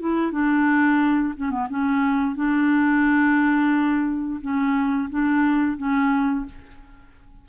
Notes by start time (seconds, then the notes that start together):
0.00 E4
0.32 D4
1.37 C#4
1.51 B3
1.70 C#4
2.36 D4
4.41 C#4
5.10 D4
5.78 C#4